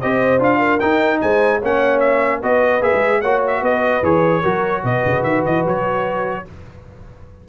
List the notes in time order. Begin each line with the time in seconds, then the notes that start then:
0.00 C4 G4 C5 D#5
0.40 D4 F4 F5
0.59 A#4
0.80 D#4 G5
1.21 G#3 C5 G#5
1.59 A#3 C#4 C#5 F#5
2.00 E5
2.41 B3 F#4 B4 D#5
2.81 A#3 G#4 E5
2.94 G#3
3.21 A#3 F#4 C#5 F#5
3.47 E5
3.62 B3 B4 D#5
4.03 E3 G#4 C#5
4.42 F#3 F#4 A#4
4.84 B2 B4 D#5
5.06 C#3
5.23 D#3 E5
5.46 E3 D#5
5.65 F#3 C#5